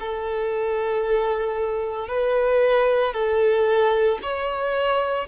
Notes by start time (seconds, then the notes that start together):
0.00 A4
2.09 B4
3.13 A4
4.22 C#5